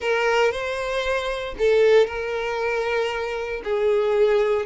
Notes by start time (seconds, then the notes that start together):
0.00 A#4
0.51 C5
1.58 A4
2.06 A#4
3.64 G#4